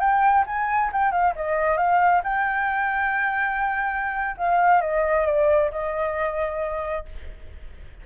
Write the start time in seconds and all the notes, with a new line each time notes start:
0.00 G5
0.46 G#5
0.92 G5
1.12 F5
1.36 D#5
1.77 F5
2.23 G5
4.37 F5
4.81 D#5
5.26 D5
5.71 D#5